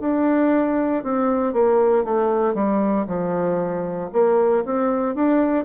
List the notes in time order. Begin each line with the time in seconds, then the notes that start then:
0.00 D4
1.03 C4
1.53 A#3
2.04 A3
2.54 G3
3.07 F3
4.12 A#3
4.65 C4
5.15 D4